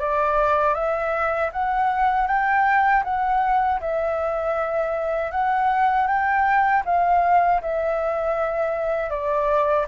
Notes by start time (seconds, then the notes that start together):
0.00 D5
0.75 E5
1.53 F#5
2.28 G5
3.04 F#5
3.81 E5
5.32 F#5
6.07 G5
6.86 F5
7.62 E5
9.10 D5